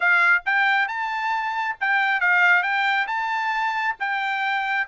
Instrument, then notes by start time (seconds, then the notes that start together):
trumpet
0.00 F5
0.45 G5
0.88 A5
1.80 G5
2.20 F5
2.62 G5
3.07 A5
3.99 G5